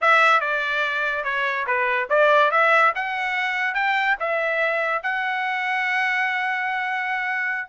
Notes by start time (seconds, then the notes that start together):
0.01 E5
0.40 D5
1.24 C#5
1.66 B4
2.09 D5
2.51 E5
2.95 F#5
3.74 G5
4.19 E5
5.02 F#5